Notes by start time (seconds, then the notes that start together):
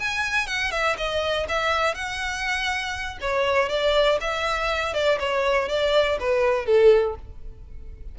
0.00 G#5
0.47 F#5
0.71 E5
0.97 D#5
1.48 E5
1.94 F#5
3.21 C#5
3.69 D5
4.21 E5
4.94 D5
5.19 C#5
5.69 D5
6.20 B4
6.66 A4